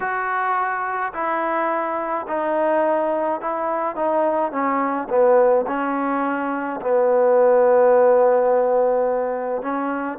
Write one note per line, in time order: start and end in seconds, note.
0.00 1.12 F#4
1.13 2.26 E4
2.27 3.41 D#4
3.41 3.95 E4
3.95 4.51 D#4
4.51 5.08 C#4
5.09 5.66 B3
5.67 6.80 C#4
6.81 9.62 B3
9.62 10.18 C#4